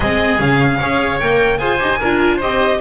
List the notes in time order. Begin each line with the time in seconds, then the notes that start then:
0.00 G#3 C4 G#4 D#5
0.39 C#3 C#4 F5
0.78 C#4 G#4 C#5
1.19 A#3 A#4 G5
1.58 F4 G#4 C5 G#5
1.79 D#4 G4
1.99 D4 F4 A#4
2.36 C4 G4 C5 D#5